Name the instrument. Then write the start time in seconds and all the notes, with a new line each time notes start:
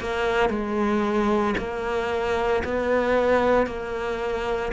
cello
0.00 A#3
0.49 G#3
1.57 A#3
2.64 B3
3.67 A#3